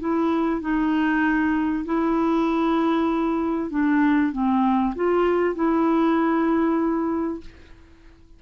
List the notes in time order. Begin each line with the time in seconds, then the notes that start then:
0.00 E4
0.61 D#4
1.85 E4
3.70 D4
4.32 C4
4.95 F4
5.55 E4